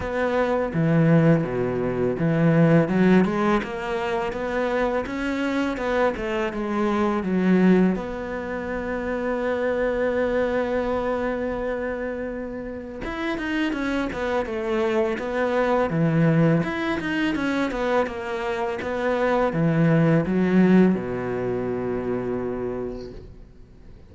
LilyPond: \new Staff \with { instrumentName = "cello" } { \time 4/4 \tempo 4 = 83 b4 e4 b,4 e4 | fis8 gis8 ais4 b4 cis'4 | b8 a8 gis4 fis4 b4~ | b1~ |
b2 e'8 dis'8 cis'8 b8 | a4 b4 e4 e'8 dis'8 | cis'8 b8 ais4 b4 e4 | fis4 b,2. | }